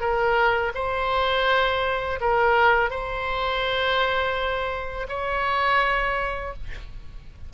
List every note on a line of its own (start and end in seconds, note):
0.00 0.72 A#4
0.75 2.19 C5
2.20 2.90 A#4
2.90 5.07 C5
5.09 6.53 C#5